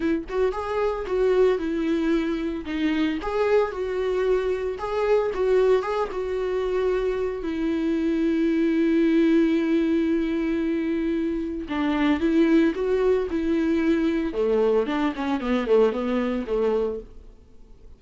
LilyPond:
\new Staff \with { instrumentName = "viola" } { \time 4/4 \tempo 4 = 113 e'8 fis'8 gis'4 fis'4 e'4~ | e'4 dis'4 gis'4 fis'4~ | fis'4 gis'4 fis'4 gis'8 fis'8~ | fis'2 e'2~ |
e'1~ | e'2 d'4 e'4 | fis'4 e'2 a4 | d'8 cis'8 b8 a8 b4 a4 | }